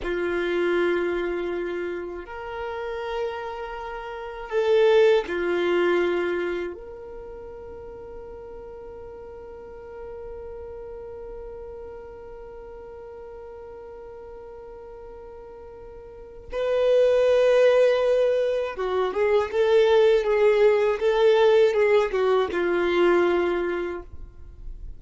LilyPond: \new Staff \with { instrumentName = "violin" } { \time 4/4 \tempo 4 = 80 f'2. ais'4~ | ais'2 a'4 f'4~ | f'4 ais'2.~ | ais'1~ |
ais'1~ | ais'2 b'2~ | b'4 fis'8 gis'8 a'4 gis'4 | a'4 gis'8 fis'8 f'2 | }